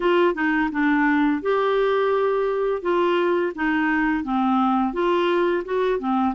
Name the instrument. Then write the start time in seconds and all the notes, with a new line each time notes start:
clarinet
0.00 F4
0.34 D#4
0.71 D4
1.41 G4
2.82 F4
3.55 D#4
4.24 C4
4.93 F4
5.64 F#4
5.99 C4